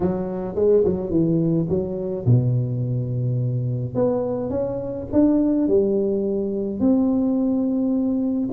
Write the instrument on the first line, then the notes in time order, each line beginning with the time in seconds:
tuba
0.00 F#3
0.55 G#3
0.84 F#3
1.10 E3
1.69 F#3
2.26 B2
3.95 B3
4.50 C#4
5.12 D4
5.67 G3
6.80 C4